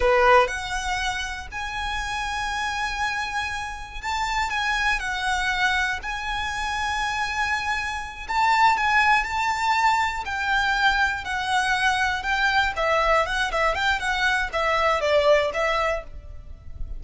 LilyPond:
\new Staff \with { instrumentName = "violin" } { \time 4/4 \tempo 4 = 120 b'4 fis''2 gis''4~ | gis''1 | a''4 gis''4 fis''2 | gis''1~ |
gis''8 a''4 gis''4 a''4.~ | a''8 g''2 fis''4.~ | fis''8 g''4 e''4 fis''8 e''8 g''8 | fis''4 e''4 d''4 e''4 | }